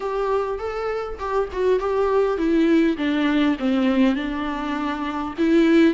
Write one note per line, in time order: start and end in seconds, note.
0.00 0.58 G4
0.58 1.18 A4
1.19 1.49 G4
1.52 1.79 F#4
1.79 2.37 G4
2.37 2.96 E4
2.97 3.56 D4
3.59 4.15 C4
4.15 5.34 D4
5.38 5.94 E4